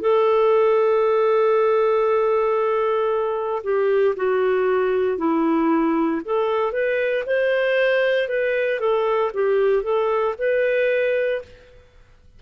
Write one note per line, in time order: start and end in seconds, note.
0.00 3.62 A4
3.63 4.15 G4
4.16 5.18 F#4
5.18 6.21 E4
6.24 6.71 A4
6.71 7.23 B4
7.26 8.28 C5
8.28 8.79 B4
8.79 9.31 A4
9.33 9.82 G4
9.82 10.34 A4
10.38 11.41 B4